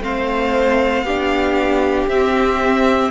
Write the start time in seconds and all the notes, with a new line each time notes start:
0.00 A3 C4 C5 F5
1.03 B3 D4 G4
2.08 C4 E5